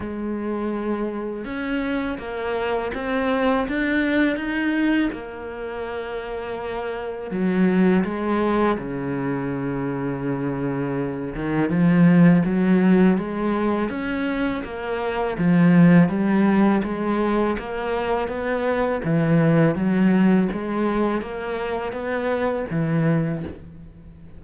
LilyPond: \new Staff \with { instrumentName = "cello" } { \time 4/4 \tempo 4 = 82 gis2 cis'4 ais4 | c'4 d'4 dis'4 ais4~ | ais2 fis4 gis4 | cis2.~ cis8 dis8 |
f4 fis4 gis4 cis'4 | ais4 f4 g4 gis4 | ais4 b4 e4 fis4 | gis4 ais4 b4 e4 | }